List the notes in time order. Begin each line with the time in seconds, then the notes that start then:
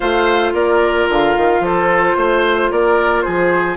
0.00 A3 F4 C5 F5
0.53 A#3 A#4 D5
1.09 D3 F5
1.36 D#3
1.60 F3 A4 C5
2.16 A3 C5
2.71 A#3 A#4 D5
3.21 F3 G#4 C5